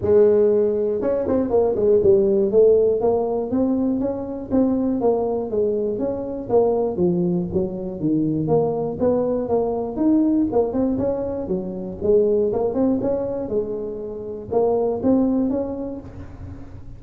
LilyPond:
\new Staff \with { instrumentName = "tuba" } { \time 4/4 \tempo 4 = 120 gis2 cis'8 c'8 ais8 gis8 | g4 a4 ais4 c'4 | cis'4 c'4 ais4 gis4 | cis'4 ais4 f4 fis4 |
dis4 ais4 b4 ais4 | dis'4 ais8 c'8 cis'4 fis4 | gis4 ais8 c'8 cis'4 gis4~ | gis4 ais4 c'4 cis'4 | }